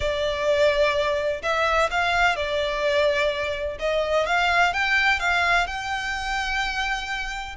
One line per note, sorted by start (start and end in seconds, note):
0.00 1.42 D5
1.42 1.89 E5
1.90 2.36 F5
2.36 3.77 D5
3.79 4.26 D#5
4.26 4.73 F5
4.73 5.19 G5
5.19 5.66 F5
5.66 7.55 G5